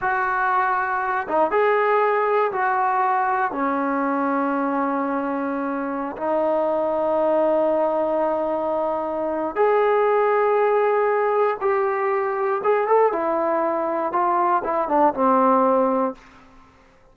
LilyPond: \new Staff \with { instrumentName = "trombone" } { \time 4/4 \tempo 4 = 119 fis'2~ fis'8 dis'8 gis'4~ | gis'4 fis'2 cis'4~ | cis'1~ | cis'16 dis'2.~ dis'8.~ |
dis'2. gis'4~ | gis'2. g'4~ | g'4 gis'8 a'8 e'2 | f'4 e'8 d'8 c'2 | }